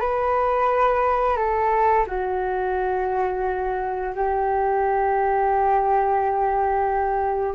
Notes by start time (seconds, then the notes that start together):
0.00 B4
1.36 A4
2.07 F#4
4.15 G4